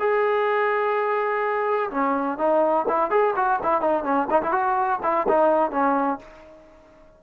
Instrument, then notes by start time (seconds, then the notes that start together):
trombone
0.00 G#4
1.91 C#4
2.38 D#4
2.89 E4
3.11 G#4
3.36 F#4
3.63 E4
3.82 D#4
4.04 C#4
4.31 D#4
4.43 E4
4.52 F#4
5.03 E4
5.29 D#4
5.71 C#4